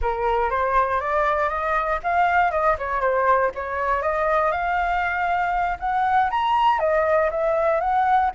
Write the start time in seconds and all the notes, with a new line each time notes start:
0.01 A#4
0.50 C5
1.00 D5
1.49 D#5
2.03 F5
2.51 D#5
2.78 C#5
3.00 C5
3.54 C#5
4.02 D#5
4.51 F5
5.79 F#5
6.30 A#5
6.79 D#5
7.30 E5
7.80 F#5